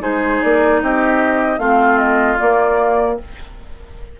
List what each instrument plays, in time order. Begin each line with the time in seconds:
0.00 bassoon G#3, clarinet D#4, oboe G#4, flute C5
0.42 bassoon A#3, flute D5
0.82 bassoon C4, oboe G4, flute D#5
1.58 bassoon A3, clarinet C4, oboe F4, flute F5
1.98 flute D#5
2.38 clarinet A#3, bassoon A#3, flute D5